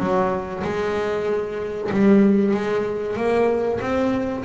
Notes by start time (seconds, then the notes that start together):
0.00 F#3
0.64 G#3
1.91 G3
2.54 G#3
3.17 A#3
3.81 C4